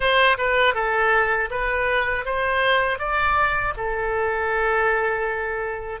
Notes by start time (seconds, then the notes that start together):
0.00 C5
0.38 B4
0.74 A4
1.50 B4
2.25 C5
2.98 D5
3.76 A4